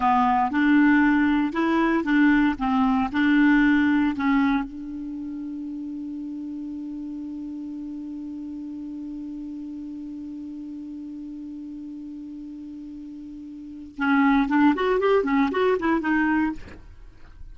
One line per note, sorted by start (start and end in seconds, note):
0.00 0.51 B3
0.51 1.52 D4
1.52 2.04 E4
2.04 2.55 D4
2.58 3.10 C4
3.12 4.15 D4
4.15 4.64 C#4
4.64 13.95 D4
13.97 14.48 C#4
14.48 14.74 D4
14.75 15.00 F#4
15.00 15.23 G4
15.23 15.49 C#4
15.51 15.77 F#4
15.79 16.00 E4
16.00 16.52 D#4